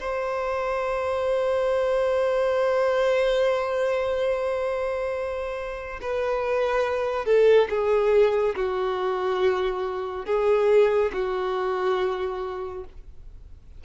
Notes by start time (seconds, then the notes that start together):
0.00 C5
6.02 B4
7.25 A4
7.69 G#4
8.56 F#4
10.26 G#4
11.13 F#4